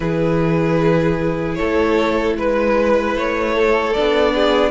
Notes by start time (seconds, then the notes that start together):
0.00 E3 E4 G#4 B4
1.54 A4 C#5
1.61 A3
2.37 G#3 B4
3.16 A3 C#5
3.54 A4
3.93 D4 D5
3.99 B3
4.34 G#4